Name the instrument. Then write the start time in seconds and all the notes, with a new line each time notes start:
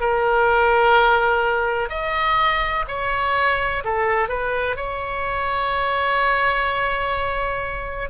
oboe
0.00 A#4
1.90 D#5
2.88 C#5
3.84 A4
4.28 B4
4.76 C#5